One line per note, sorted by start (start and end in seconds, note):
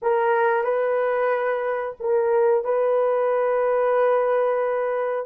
0.01 0.64 A#4
0.64 1.96 B4
2.00 2.64 A#4
2.64 5.26 B4